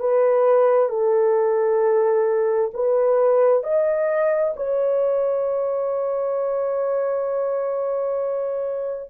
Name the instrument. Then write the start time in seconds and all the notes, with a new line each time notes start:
horn
0.00 B4
0.89 A4
2.74 B4
3.64 D#5
4.57 C#5